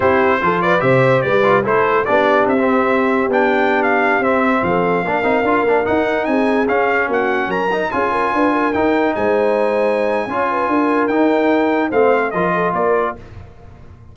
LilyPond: <<
  \new Staff \with { instrumentName = "trumpet" } { \time 4/4 \tempo 4 = 146 c''4. d''8 e''4 d''4 | c''4 d''4 e''2 | g''4~ g''16 f''4 e''4 f''8.~ | f''2~ f''16 fis''4 gis''8.~ |
gis''16 f''4 fis''4 ais''4 gis''8.~ | gis''4~ gis''16 g''4 gis''4.~ gis''16~ | gis''2. g''4~ | g''4 f''4 dis''4 d''4 | }
  \new Staff \with { instrumentName = "horn" } { \time 4/4 g'4 a'8 b'8 c''4 b'4 | a'4 g'2.~ | g'2.~ g'16 a'8.~ | a'16 ais'2. gis'8.~ |
gis'4~ gis'16 fis'4 ais'4 gis'8 ais'16~ | ais'16 b'8 ais'4. c''4.~ c''16~ | c''4 cis''8 b'8 ais'2~ | ais'4 c''4 ais'8 a'8 ais'4 | }
  \new Staff \with { instrumentName = "trombone" } { \time 4/4 e'4 f'4 g'4. f'8 | e'4 d'4~ d'16 c'4.~ c'16 | d'2~ d'16 c'4.~ c'16~ | c'16 d'8 dis'8 f'8 d'8 dis'4.~ dis'16~ |
dis'16 cis'2~ cis'8 dis'8 f'8.~ | f'4~ f'16 dis'2~ dis'8.~ | dis'4 f'2 dis'4~ | dis'4 c'4 f'2 | }
  \new Staff \with { instrumentName = "tuba" } { \time 4/4 c'4 f4 c4 g4 | a4 b4 c'2 | b2~ b16 c'4 f8.~ | f16 ais8 c'8 d'8 ais8 dis'4 c'8.~ |
c'16 cis'4 ais4 fis4 cis'8.~ | cis'16 d'4 dis'4 gis4.~ gis16~ | gis4 cis'4 d'4 dis'4~ | dis'4 a4 f4 ais4 | }
>>